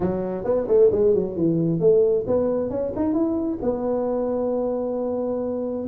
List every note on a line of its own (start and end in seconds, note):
0.00 0.44 F#3
0.44 0.66 B3
0.67 0.90 A3
0.91 1.14 G#3
1.14 1.35 F#3
1.35 1.80 E3
1.80 2.25 A3
2.26 2.70 B3
2.70 2.92 C#4
2.95 3.13 D#4
3.13 3.58 E4
3.62 5.87 B3